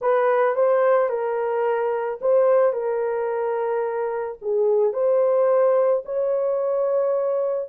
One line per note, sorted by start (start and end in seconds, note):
0.01 0.55 B4
0.55 1.09 C5
1.09 2.19 A#4
2.21 2.72 C5
2.72 4.38 A#4
4.41 4.93 G#4
4.93 6.03 C5
6.05 7.69 C#5